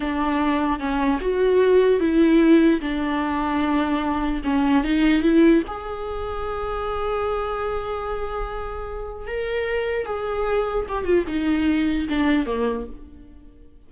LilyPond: \new Staff \with { instrumentName = "viola" } { \time 4/4 \tempo 4 = 149 d'2 cis'4 fis'4~ | fis'4 e'2 d'4~ | d'2. cis'4 | dis'4 e'4 gis'2~ |
gis'1~ | gis'2. ais'4~ | ais'4 gis'2 g'8 f'8 | dis'2 d'4 ais4 | }